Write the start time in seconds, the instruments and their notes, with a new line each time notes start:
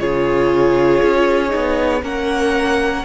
0.00 cello C#3, viola F4, violin G#4 C#5
1.03 cello C#4
1.49 cello B3, viola D#4
2.03 cello A#3, viola C#4, violin A#4 F#5